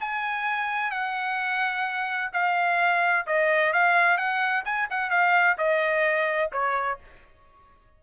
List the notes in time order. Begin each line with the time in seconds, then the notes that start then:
0.00 G#5
0.91 F#5
2.33 F5
3.26 D#5
3.73 F5
4.17 F#5
4.65 G#5
4.90 F#5
5.10 F5
5.58 D#5
6.52 C#5